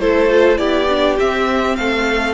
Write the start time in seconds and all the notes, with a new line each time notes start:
0.00 A3 E4 A4 C5
0.30 F4
0.57 B3 E4 G4 D5
0.89 D4
1.19 C4 E5
1.77 A3 A4 F5